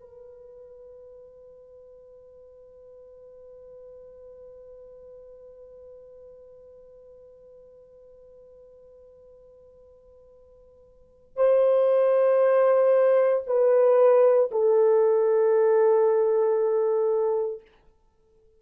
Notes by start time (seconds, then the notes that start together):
0.00 B4
11.36 C5
13.47 B4
14.51 A4